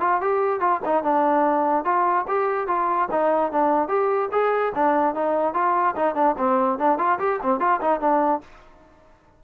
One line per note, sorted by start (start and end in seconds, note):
0.00 0.21 F4
0.21 0.60 G4
0.60 0.80 F4
0.84 1.03 D#4
1.03 1.84 D4
1.84 2.25 F4
2.28 2.67 G4
2.67 3.08 F4
3.11 3.51 D#4
3.51 3.88 D4
3.88 4.29 G4
4.31 4.72 G#4
4.74 5.14 D4
5.14 5.53 D#4
5.53 5.95 F4
5.96 6.15 D#4
6.15 6.35 D4
6.37 6.78 C4
6.78 6.98 D4
6.98 7.18 F4
7.19 7.39 G4
7.42 7.59 C4
7.59 7.80 F4
7.81 8.00 D#4
8.00 8.41 D4